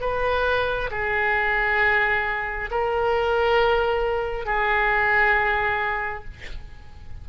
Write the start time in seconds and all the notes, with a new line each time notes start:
0.00 B4
0.90 G#4
2.70 A#4
4.45 G#4